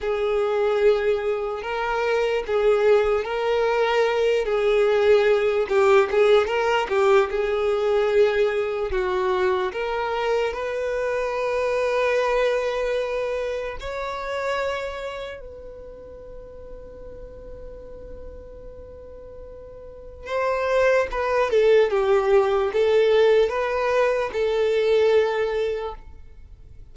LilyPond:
\new Staff \with { instrumentName = "violin" } { \time 4/4 \tempo 4 = 74 gis'2 ais'4 gis'4 | ais'4. gis'4. g'8 gis'8 | ais'8 g'8 gis'2 fis'4 | ais'4 b'2.~ |
b'4 cis''2 b'4~ | b'1~ | b'4 c''4 b'8 a'8 g'4 | a'4 b'4 a'2 | }